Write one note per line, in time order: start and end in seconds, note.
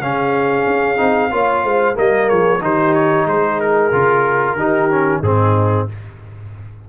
0.00 0.65 C#3
0.00 0.97 C#4
0.00 1.31 G#4
0.00 1.97 F5
0.66 0.99 C#4
0.97 1.32 C4
0.97 1.30 D#4
1.31 1.64 A#3
1.31 1.94 F4
1.31 1.64 C#5
1.64 1.96 G#3
1.64 1.96 C5
1.94 2.31 G3
1.94 2.60 A#3
1.94 2.28 A#4
1.94 2.29 D#5
2.28 2.61 F3
2.28 2.61 G#4
2.28 2.61 C#5
2.61 3.26 D#3
2.61 3.92 D#4
2.61 3.28 G4
2.61 2.94 C5
2.94 3.26 C#5
3.26 3.91 G#3
3.26 4.57 G#4
3.26 3.60 C5
3.60 5.23 A#4
3.92 4.55 C#3
3.92 4.57 F4
4.55 5.20 D#3
4.55 4.91 D#4
4.55 5.22 G4
4.91 5.23 C#4
5.21 5.86 G#2
5.21 5.89 C4
5.21 5.87 D#4
5.21 5.88 G#4